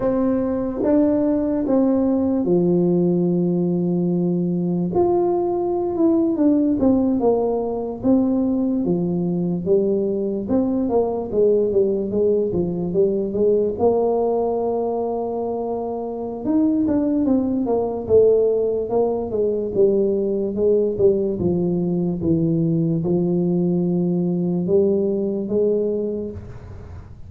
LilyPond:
\new Staff \with { instrumentName = "tuba" } { \time 4/4 \tempo 4 = 73 c'4 d'4 c'4 f4~ | f2 f'4~ f'16 e'8 d'16~ | d'16 c'8 ais4 c'4 f4 g16~ | g8. c'8 ais8 gis8 g8 gis8 f8 g16~ |
g16 gis8 ais2.~ ais16 | dis'8 d'8 c'8 ais8 a4 ais8 gis8 | g4 gis8 g8 f4 e4 | f2 g4 gis4 | }